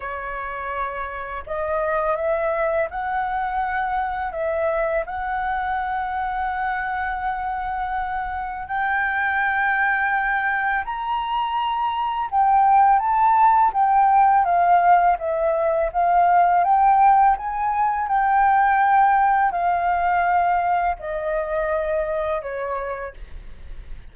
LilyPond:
\new Staff \with { instrumentName = "flute" } { \time 4/4 \tempo 4 = 83 cis''2 dis''4 e''4 | fis''2 e''4 fis''4~ | fis''1 | g''2. ais''4~ |
ais''4 g''4 a''4 g''4 | f''4 e''4 f''4 g''4 | gis''4 g''2 f''4~ | f''4 dis''2 cis''4 | }